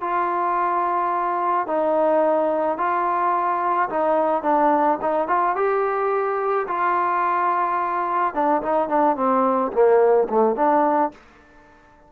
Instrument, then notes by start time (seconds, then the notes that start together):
trombone
0.00 F4
1.67 D#4
2.78 F4
3.89 D#4
4.42 D4
5.01 D#4
5.28 F4
5.55 G4
6.67 F4
8.34 D4
8.62 D#4
8.88 D4
9.16 C4
9.72 A#3
10.29 A3
10.55 D4